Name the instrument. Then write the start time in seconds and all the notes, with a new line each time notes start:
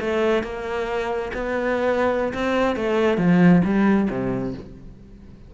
cello
0.00 A3
0.43 A#3
1.34 B3
2.34 C4
2.76 A3
3.18 F3
3.64 G3
4.10 C3